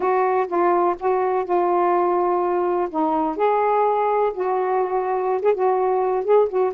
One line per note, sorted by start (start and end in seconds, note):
0.00 0.47 F#4
0.47 0.95 F4
0.99 1.44 F#4
1.44 2.88 F4
2.90 3.36 D#4
3.36 4.32 G#4
4.33 5.41 F#4
5.42 5.54 G#4
5.54 6.24 F#4
6.24 6.48 G#4
6.48 6.72 F#4